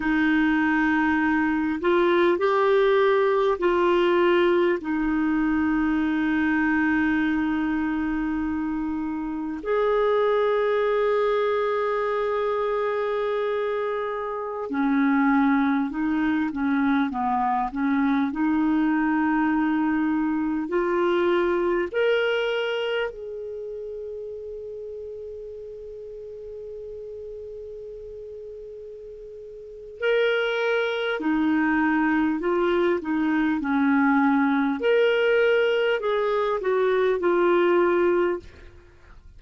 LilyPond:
\new Staff \with { instrumentName = "clarinet" } { \time 4/4 \tempo 4 = 50 dis'4. f'8 g'4 f'4 | dis'1 | gis'1~ | gis'16 cis'4 dis'8 cis'8 b8 cis'8 dis'8.~ |
dis'4~ dis'16 f'4 ais'4 gis'8.~ | gis'1~ | gis'4 ais'4 dis'4 f'8 dis'8 | cis'4 ais'4 gis'8 fis'8 f'4 | }